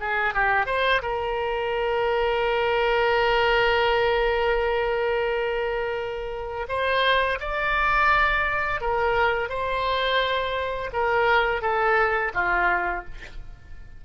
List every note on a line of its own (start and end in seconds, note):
0.00 0.34 G#4
0.34 0.66 G4
0.66 1.01 C5
1.02 6.67 A#4
6.68 7.39 C5
7.40 8.81 D5
8.81 9.49 A#4
9.49 10.90 C5
10.93 11.62 A#4
11.62 12.32 A4
12.34 13.05 F4